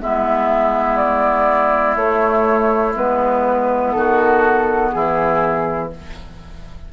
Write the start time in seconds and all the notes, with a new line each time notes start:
0.00 G#3 B3 E4 E5
0.96 D5
1.95 A3 C#5
2.95 G#3 B3 B4
3.92 D#3 F#4 A4
4.91 E3 E4 G#4